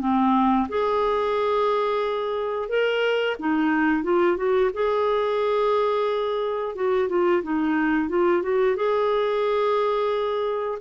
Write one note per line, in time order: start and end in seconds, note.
0.00 0.67 C4
0.69 2.69 G#4
2.69 3.36 A#4
3.39 4.03 D#4
4.03 4.36 F4
4.36 4.70 F#4
4.73 6.75 G#4
6.75 7.08 F#4
7.08 7.42 F4
7.42 8.09 D#4
8.09 8.42 F4
8.42 8.76 F#4
8.76 10.78 G#4